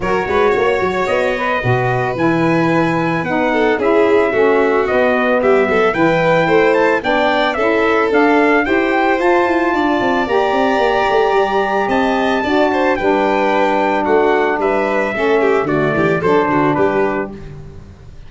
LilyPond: <<
  \new Staff \with { instrumentName = "trumpet" } { \time 4/4 \tempo 4 = 111 cis''2 dis''2 | gis''2 fis''4 e''4~ | e''4 dis''4 e''4 g''4~ | g''8 a''8 g''4 e''4 f''4 |
g''4 a''2 ais''4~ | ais''2 a''2 | g''2 fis''4 e''4~ | e''4 d''4 c''4 b'4 | }
  \new Staff \with { instrumentName = "violin" } { \time 4/4 ais'8 b'8 cis''2 b'4~ | b'2~ b'8 a'8 gis'4 | fis'2 g'8 a'8 b'4 | c''4 d''4 a'2 |
c''2 d''2~ | d''2 dis''4 d''8 c''8 | b'2 fis'4 b'4 | a'8 g'8 fis'8 g'8 a'8 fis'8 g'4 | }
  \new Staff \with { instrumentName = "saxophone" } { \time 4/4 fis'2~ fis'8 b'8 fis'4 | e'2 dis'4 e'4 | cis'4 b2 e'4~ | e'4 d'4 e'4 d'4 |
g'4 f'2 g'4~ | g'2. fis'4 | d'1 | cis'4 a4 d'2 | }
  \new Staff \with { instrumentName = "tuba" } { \time 4/4 fis8 gis8 ais8 fis8 b4 b,4 | e2 b4 cis'4 | a4 b4 g8 fis8 e4 | a4 b4 cis'4 d'4 |
e'4 f'8 e'8 d'8 c'8 ais8 c'8 | ais8 a8 g4 c'4 d'4 | g2 a4 g4 | a4 d8 e8 fis8 d8 g4 | }
>>